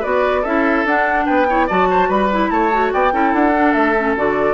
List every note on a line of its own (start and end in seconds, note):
0.00 0.45 B3
0.00 0.44 F#4
0.00 0.41 B4
0.00 0.45 D5
0.42 0.85 C#4
0.42 0.87 E4
0.42 1.25 A4
0.42 0.86 E5
0.85 1.26 D4
0.85 1.48 D4
0.85 1.26 F#5
1.26 1.70 B3
1.26 1.47 B4
1.26 1.67 G5
1.48 1.69 E4
1.48 1.67 C#5
1.67 2.09 F#3
1.67 2.31 F#4
1.67 1.88 D5
1.67 2.11 A5
1.91 2.08 C5
2.08 2.50 G3
2.08 2.50 B4
2.08 2.50 B5
2.31 2.72 E4
2.50 2.92 A3
2.50 2.93 C#5
2.50 2.92 A5
2.72 3.12 F#4
2.93 3.13 B3
2.93 3.13 D5
2.93 3.34 G5
3.12 3.33 C#4
3.12 3.53 E4
3.12 4.54 A4
3.33 3.75 D4
3.33 3.73 F#5
3.55 3.96 D4
3.73 4.16 A3
3.73 4.14 E5
3.98 4.17 C#4
4.17 4.54 D3
4.17 4.54 F#4
4.17 4.54 D5